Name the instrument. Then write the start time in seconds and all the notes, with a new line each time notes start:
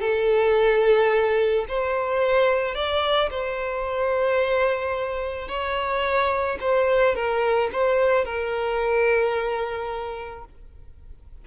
violin
0.00 A4
1.68 C5
2.74 D5
3.30 C5
5.48 C#5
6.60 C5
7.15 A#4
7.72 C5
8.24 A#4